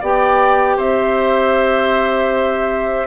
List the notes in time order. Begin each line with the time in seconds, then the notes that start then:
0.00 B3 G4 D5 G5
0.77 C4 C5 E5